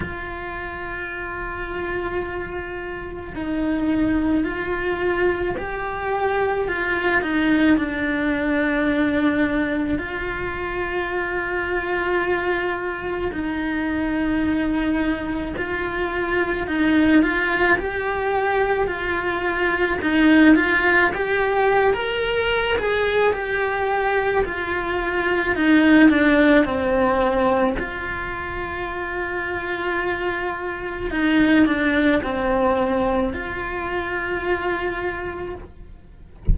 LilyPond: \new Staff \with { instrumentName = "cello" } { \time 4/4 \tempo 4 = 54 f'2. dis'4 | f'4 g'4 f'8 dis'8 d'4~ | d'4 f'2. | dis'2 f'4 dis'8 f'8 |
g'4 f'4 dis'8 f'8 g'8. ais'16~ | ais'8 gis'8 g'4 f'4 dis'8 d'8 | c'4 f'2. | dis'8 d'8 c'4 f'2 | }